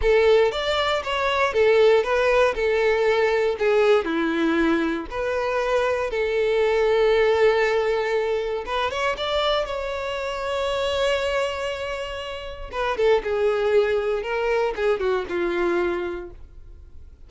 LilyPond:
\new Staff \with { instrumentName = "violin" } { \time 4/4 \tempo 4 = 118 a'4 d''4 cis''4 a'4 | b'4 a'2 gis'4 | e'2 b'2 | a'1~ |
a'4 b'8 cis''8 d''4 cis''4~ | cis''1~ | cis''4 b'8 a'8 gis'2 | ais'4 gis'8 fis'8 f'2 | }